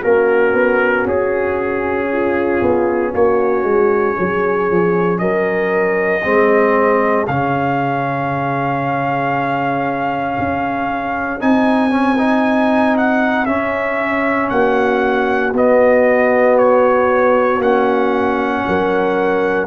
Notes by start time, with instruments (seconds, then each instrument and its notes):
0.00 tuba A#3, trombone C#4, horn F#4, trumpet A#4
0.53 tuba B3
1.06 tuba C#4, trumpet G#4
2.12 horn F4
2.61 tuba B3
3.12 tuba A#3, horn F#4, trumpet C#5
3.63 tuba G#3
4.18 tuba F#3, horn G#4
4.70 tuba F3
5.18 tuba F#3, horn A#4, trumpet D#5
6.23 tuba G#3, trombone C4, horn G#4
7.27 tuba C#3, trombone C#4, trumpet F5
10.38 tuba C#4
11.40 tuba C4, trombone D#4, trumpet G#5
11.90 trombone C#4
12.18 trombone D#4
12.97 trumpet F#5
13.45 tuba C#4, trombone C#4, trumpet E5
14.49 tuba A#3, horn F#4, trumpet F#5
15.53 tuba B3, trombone B3, trumpet D#5
16.58 trumpet C#5
17.59 tuba A#3, trombone C#4, trumpet F#5
18.67 tuba F#3, horn A#4